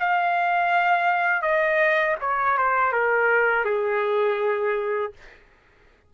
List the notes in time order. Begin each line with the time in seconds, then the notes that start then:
0.00 F5
1.42 D#5
2.21 C#5
2.58 C5
2.93 A#4
3.65 G#4